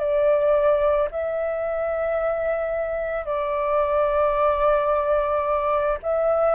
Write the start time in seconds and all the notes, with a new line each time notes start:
0.00 D5
1.12 E5
3.26 D5
6.03 E5